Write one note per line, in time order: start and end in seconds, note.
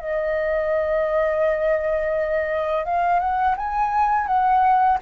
0.00 2.85 D#5
2.85 3.20 F5
3.20 3.56 F#5
3.57 4.27 G#5
4.27 4.98 F#5